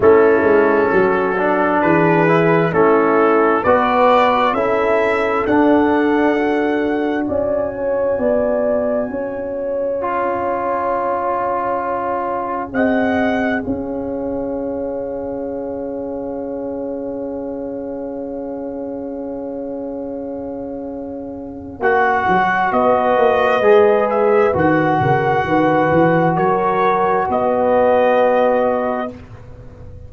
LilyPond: <<
  \new Staff \with { instrumentName = "trumpet" } { \time 4/4 \tempo 4 = 66 a'2 b'4 a'4 | d''4 e''4 fis''2 | gis''1~ | gis''2 fis''4 f''4~ |
f''1~ | f''1 | fis''4 dis''4. e''8 fis''4~ | fis''4 cis''4 dis''2 | }
  \new Staff \with { instrumentName = "horn" } { \time 4/4 e'4 fis'4 gis'4 e'4 | b'4 a'2. | d''8 cis''8 d''4 cis''2~ | cis''2 dis''4 cis''4~ |
cis''1~ | cis''1~ | cis''4 b'2~ b'8 ais'8 | b'4 ais'4 b'2 | }
  \new Staff \with { instrumentName = "trombone" } { \time 4/4 cis'4. d'4 e'8 cis'4 | fis'4 e'4 d'4 fis'4~ | fis'2. f'4~ | f'2 gis'2~ |
gis'1~ | gis'1 | fis'2 gis'4 fis'4~ | fis'1 | }
  \new Staff \with { instrumentName = "tuba" } { \time 4/4 a8 gis8 fis4 e4 a4 | b4 cis'4 d'2 | cis'4 b4 cis'2~ | cis'2 c'4 cis'4~ |
cis'1~ | cis'1 | ais8 fis8 b8 ais8 gis4 dis8 cis8 | dis8 e8 fis4 b2 | }
>>